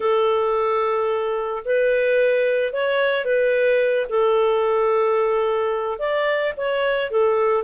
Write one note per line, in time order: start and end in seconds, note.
0.00 1.63 A4
1.64 2.72 B4
2.72 3.25 C#5
3.25 4.06 B4
4.09 5.98 A4
5.98 6.53 D5
6.56 7.10 C#5
7.10 7.63 A4